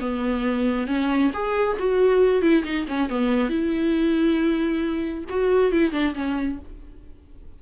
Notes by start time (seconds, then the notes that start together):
0.00 B3
0.87 C#4
1.33 G#4
1.79 F#4
2.41 E4
2.64 D#4
2.88 C#4
3.09 B3
3.49 E4
5.29 F#4
5.72 E4
5.92 D4
6.14 C#4